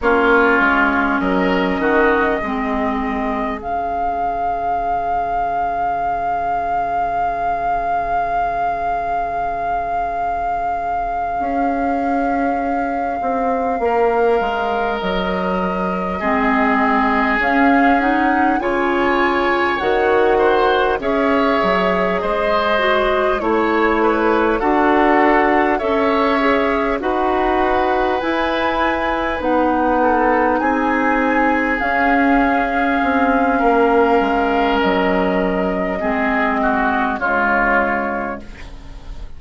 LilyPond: <<
  \new Staff \with { instrumentName = "flute" } { \time 4/4 \tempo 4 = 50 cis''4 dis''2 f''4~ | f''1~ | f''1~ | f''8 dis''2 f''8 fis''8 gis''8~ |
gis''8 fis''4 e''4 dis''4 cis''8~ | cis''8 fis''4 e''4 fis''4 gis''8~ | gis''8 fis''4 gis''4 f''4.~ | f''4 dis''2 cis''4 | }
  \new Staff \with { instrumentName = "oboe" } { \time 4/4 f'4 ais'8 fis'8 gis'2~ | gis'1~ | gis'2.~ gis'8 ais'8~ | ais'4. gis'2 cis''8~ |
cis''4 c''8 cis''4 c''4 cis''8 | b'8 a'4 cis''4 b'4.~ | b'4 a'8 gis'2~ gis'8 | ais'2 gis'8 fis'8 f'4 | }
  \new Staff \with { instrumentName = "clarinet" } { \time 4/4 cis'2 c'4 cis'4~ | cis'1~ | cis'1~ | cis'4. c'4 cis'8 dis'8 f'8~ |
f'8 fis'4 gis'4. fis'8 e'8~ | e'8 fis'4 a'8 gis'8 fis'4 e'8~ | e'8 dis'2 cis'4.~ | cis'2 c'4 gis4 | }
  \new Staff \with { instrumentName = "bassoon" } { \time 4/4 ais8 gis8 fis8 dis8 gis4 cis4~ | cis1~ | cis4. cis'4. c'8 ais8 | gis8 fis4 gis4 cis'4 cis8~ |
cis8 dis4 cis'8 fis8 gis4 a8~ | a8 d'4 cis'4 dis'4 e'8~ | e'8 b4 c'4 cis'4 c'8 | ais8 gis8 fis4 gis4 cis4 | }
>>